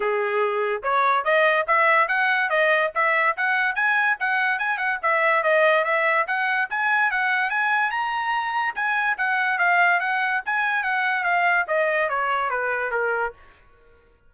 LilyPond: \new Staff \with { instrumentName = "trumpet" } { \time 4/4 \tempo 4 = 144 gis'2 cis''4 dis''4 | e''4 fis''4 dis''4 e''4 | fis''4 gis''4 fis''4 gis''8 fis''8 | e''4 dis''4 e''4 fis''4 |
gis''4 fis''4 gis''4 ais''4~ | ais''4 gis''4 fis''4 f''4 | fis''4 gis''4 fis''4 f''4 | dis''4 cis''4 b'4 ais'4 | }